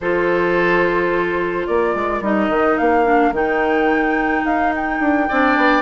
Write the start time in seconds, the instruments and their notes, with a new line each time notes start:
0.00 bassoon F3, clarinet F4, oboe A4, flute C5
1.67 bassoon A#3, oboe A#4, flute D5
1.95 bassoon G#3
2.20 bassoon G3, clarinet D#4, flute D#5
2.48 bassoon D#3
2.77 bassoon A#3, flute F5
3.04 clarinet D4
3.31 bassoon D#3, clarinet D#4, flute G5
4.44 bassoon D#4, flute F5
4.75 flute G5
5.00 bassoon D4
5.28 bassoon C4, clarinet D4, oboe D5
5.56 bassoon B3